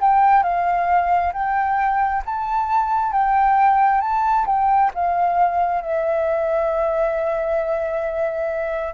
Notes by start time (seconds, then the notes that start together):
0.00 G5
0.43 F5
1.33 G5
2.25 A5
3.12 G5
4.01 A5
4.46 G5
4.94 F5
5.81 E5